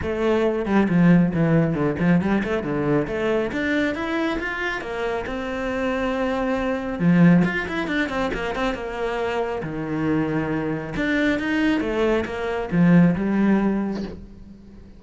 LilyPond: \new Staff \with { instrumentName = "cello" } { \time 4/4 \tempo 4 = 137 a4. g8 f4 e4 | d8 f8 g8 a8 d4 a4 | d'4 e'4 f'4 ais4 | c'1 |
f4 f'8 e'8 d'8 c'8 ais8 c'8 | ais2 dis2~ | dis4 d'4 dis'4 a4 | ais4 f4 g2 | }